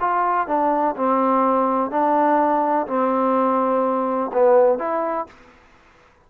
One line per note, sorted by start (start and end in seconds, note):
0.00 0.47 F4
0.47 0.95 D4
0.96 1.90 C4
1.90 2.86 D4
2.87 4.31 C4
4.33 4.78 B3
4.78 5.26 E4